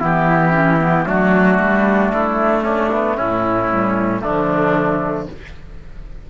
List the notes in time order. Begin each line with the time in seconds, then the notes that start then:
0.00 E3 B3 E4 G4
0.51 C#4
0.80 B3
1.04 F#3 A3 D4 F#4
1.59 G3
2.12 A3 E4
2.63 C#4 D4
2.92 B3
3.17 A2 C#4 E4
3.68 G3
4.21 D3 F3 A3 D4